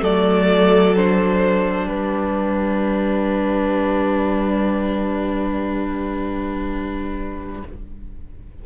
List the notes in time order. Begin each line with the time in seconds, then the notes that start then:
0.00 F#3 A3 A4 D5
0.96 D4 C5
1.85 G3 G4 B4